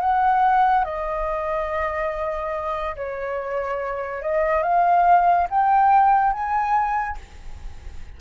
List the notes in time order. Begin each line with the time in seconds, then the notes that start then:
0.00 F#5
0.84 D#5
2.96 C#5
4.22 D#5
4.62 F5
5.50 G5
6.32 G#5